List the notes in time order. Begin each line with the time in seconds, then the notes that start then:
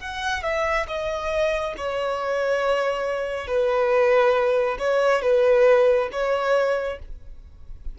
0.00 F#5
0.43 E5
0.88 D#5
1.77 C#5
3.47 B4
4.79 C#5
5.23 B4
6.12 C#5